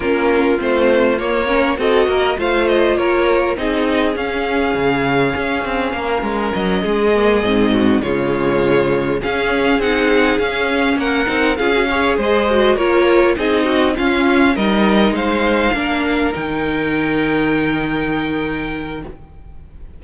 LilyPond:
<<
  \new Staff \with { instrumentName = "violin" } { \time 4/4 \tempo 4 = 101 ais'4 c''4 cis''4 dis''4 | f''8 dis''8 cis''4 dis''4 f''4~ | f''2. dis''4~ | dis''4. cis''2 f''8~ |
f''8 fis''4 f''4 fis''4 f''8~ | f''8 dis''4 cis''4 dis''4 f''8~ | f''8 dis''4 f''2 g''8~ | g''1 | }
  \new Staff \with { instrumentName = "violin" } { \time 4/4 f'2~ f'8 ais'8 a'8 ais'8 | c''4 ais'4 gis'2~ | gis'2 ais'4. gis'8~ | gis'4 fis'8 f'2 gis'8~ |
gis'2~ gis'8 ais'4 gis'8 | cis''8 c''4 ais'4 gis'8 fis'8 f'8~ | f'8 ais'4 c''4 ais'4.~ | ais'1 | }
  \new Staff \with { instrumentName = "viola" } { \time 4/4 cis'4 c'4 ais8 cis'8 fis'4 | f'2 dis'4 cis'4~ | cis'1 | ais8 c'4 gis2 cis'8~ |
cis'8 dis'4 cis'4. dis'8 f'16 fis'16 | gis'4 fis'8 f'4 dis'4 cis'8~ | cis'8 dis'2 d'4 dis'8~ | dis'1 | }
  \new Staff \with { instrumentName = "cello" } { \time 4/4 ais4 a4 ais4 c'8 ais8 | a4 ais4 c'4 cis'4 | cis4 cis'8 c'8 ais8 gis8 fis8 gis8~ | gis8 gis,4 cis2 cis'8~ |
cis'8 c'4 cis'4 ais8 c'8 cis'8~ | cis'8 gis4 ais4 c'4 cis'8~ | cis'8 g4 gis4 ais4 dis8~ | dis1 | }
>>